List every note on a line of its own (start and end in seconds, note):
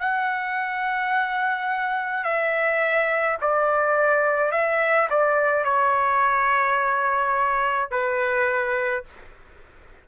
0.00 2.24 F#5
2.24 3.37 E5
3.41 4.52 D5
4.52 5.08 E5
5.10 5.64 D5
5.64 7.91 C#5
7.91 9.04 B4